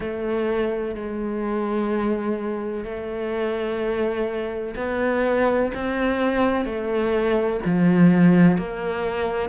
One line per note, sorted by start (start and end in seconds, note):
0.00 0.95 A3
0.95 2.84 G#3
2.84 4.74 A3
4.76 5.71 B3
5.74 6.65 C4
6.65 7.60 A3
7.65 8.57 F3
8.57 9.49 A#3